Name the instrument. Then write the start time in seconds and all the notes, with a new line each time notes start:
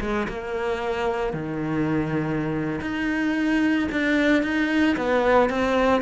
cello
0.00 G#3
0.28 A#3
1.33 D#3
2.81 D#4
3.91 D4
4.42 D#4
4.96 B3
5.49 C4